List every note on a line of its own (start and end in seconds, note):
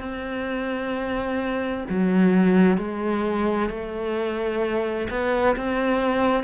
0.00 1.85 C4
1.90 2.78 F#3
2.78 3.70 G#3
3.70 5.09 A3
5.10 5.56 B3
5.57 6.44 C4